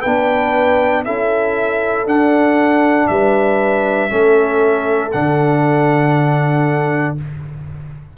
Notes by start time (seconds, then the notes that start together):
0.00 B3 D4 B4 G5
1.04 C#4 E4 A4 E5
2.05 D4 F#5
3.07 G3 B4 E5
4.09 A3 C#4 A4
5.11 D3 D4 F#5